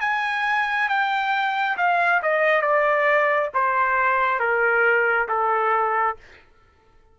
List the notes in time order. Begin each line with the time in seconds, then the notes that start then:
0.00 G#5
0.88 G5
1.77 F5
2.22 D#5
2.61 D5
3.54 C5
4.39 A#4
5.28 A4